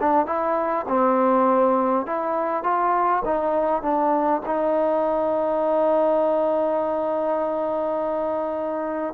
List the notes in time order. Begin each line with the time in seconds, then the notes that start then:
0.00 D4
0.26 E4
0.88 C4
2.07 E4
2.64 F4
3.25 D#4
3.82 D4
4.46 D#4